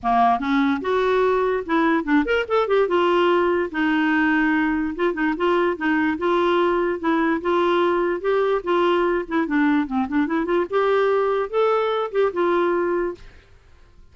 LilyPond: \new Staff \with { instrumentName = "clarinet" } { \time 4/4 \tempo 4 = 146 ais4 cis'4 fis'2 | e'4 d'8 ais'8 a'8 g'8 f'4~ | f'4 dis'2. | f'8 dis'8 f'4 dis'4 f'4~ |
f'4 e'4 f'2 | g'4 f'4. e'8 d'4 | c'8 d'8 e'8 f'8 g'2 | a'4. g'8 f'2 | }